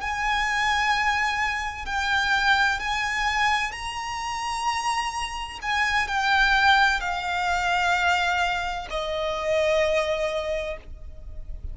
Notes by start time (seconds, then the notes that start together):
0.00 G#5
1.85 G5
2.79 G#5
3.71 A#5
5.62 G#5
6.07 G5
7.00 F5
8.89 D#5